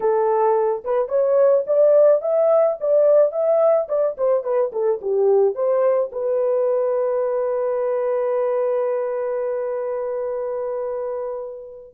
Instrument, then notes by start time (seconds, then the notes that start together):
horn
0.00 A4
0.84 B4
1.08 C#5
1.67 D5
2.21 E5
2.80 D5
3.32 E5
3.88 D5
4.17 C5
4.43 B4
4.72 A4
5.01 G4
5.54 C5
6.11 B4